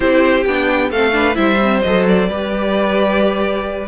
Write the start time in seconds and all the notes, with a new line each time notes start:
0.00 C4 E4 G4 C5
0.44 B3 D4 G5
0.90 A3 C4 A4 F5
1.12 D4 B4
1.34 G3 E4 C5 E5
1.62 C4
1.81 F#3 A4 D#5
2.07 D5
2.28 G3 G4 B4